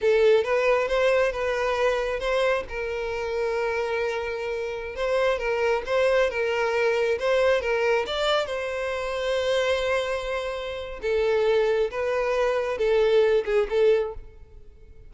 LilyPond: \new Staff \with { instrumentName = "violin" } { \time 4/4 \tempo 4 = 136 a'4 b'4 c''4 b'4~ | b'4 c''4 ais'2~ | ais'2.~ ais'16 c''8.~ | c''16 ais'4 c''4 ais'4.~ ais'16~ |
ais'16 c''4 ais'4 d''4 c''8.~ | c''1~ | c''4 a'2 b'4~ | b'4 a'4. gis'8 a'4 | }